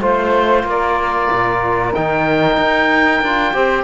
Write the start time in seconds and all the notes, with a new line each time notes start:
0.00 A3 F4 C5
0.63 A#3 A#4 D5
1.32 A#2
1.94 D#3 D#4 G5
2.57 D#4
3.21 D4 F4
3.53 C4 G4 C5